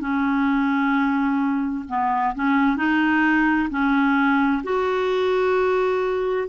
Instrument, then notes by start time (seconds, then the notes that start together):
clarinet
0.00 C#4
1.88 B3
2.35 C#4
2.77 D#4
3.70 C#4
4.63 F#4